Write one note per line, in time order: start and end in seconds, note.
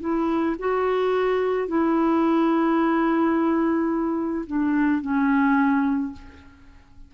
0.00 0.56 E4
0.59 1.68 F#4
1.68 4.45 E4
4.46 5.01 D4
5.01 6.12 C#4